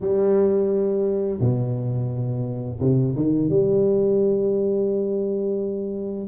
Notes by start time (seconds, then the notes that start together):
0.01 G3
1.40 B2
2.80 C3
3.15 D#3
3.49 G3